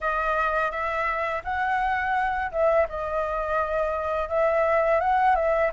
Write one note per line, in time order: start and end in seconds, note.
0.00 0.71 D#5
0.71 1.42 E5
1.44 2.51 F#5
2.51 2.87 E5
2.88 4.29 D#5
4.29 5.00 E5
5.00 5.35 F#5
5.35 5.71 E5